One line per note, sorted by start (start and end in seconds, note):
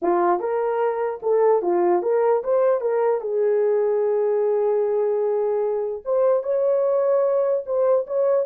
0.02 0.39 F4
0.39 1.20 A#4
1.22 1.62 A4
1.62 2.02 F4
2.02 2.42 A#4
2.43 2.80 C5
2.80 3.20 A#4
3.20 6.02 G#4
6.05 6.43 C5
6.43 7.64 C#5
7.65 8.06 C5
8.06 8.45 C#5